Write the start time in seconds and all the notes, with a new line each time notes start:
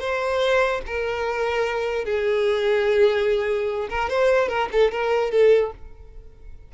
0.00 C5
0.86 A#4
2.05 G#4
3.89 A#4
4.09 C5
4.48 A#4
4.72 A4
4.91 A#4
5.31 A4